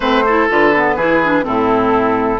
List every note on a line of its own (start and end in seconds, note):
0.00 0.48 A3
0.00 0.25 C4
0.00 0.23 B4
0.00 0.48 C5
0.25 0.49 E4
0.25 0.95 A4
0.49 0.95 D3
0.49 0.73 F4
0.49 1.44 B4
0.75 0.98 B3
0.95 1.44 E3
0.95 1.23 E4
0.95 1.44 G#4
1.23 1.43 D4
1.43 2.39 A2
1.43 2.39 C4
1.43 2.39 E4
1.43 2.39 A4